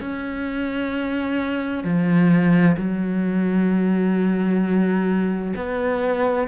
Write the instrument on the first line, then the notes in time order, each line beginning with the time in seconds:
cello
0.00 C#4
1.84 F3
2.77 F#3
5.56 B3